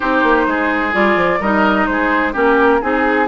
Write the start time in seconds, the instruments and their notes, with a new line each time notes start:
0.00 bassoon C4, clarinet D#4, oboe G4, flute C5
0.23 bassoon A#3
0.46 bassoon G#3, oboe G#4
0.92 bassoon G3, clarinet F4, flute D5
1.16 bassoon F3
1.39 bassoon G3, clarinet D#4, oboe A#4, flute D#5
1.86 bassoon G#3, oboe G#4, flute C5
2.32 bassoon A#3, clarinet C#4, oboe G4, flute A#4
2.81 bassoon C4, clarinet D#4, flute G#4, oboe G#4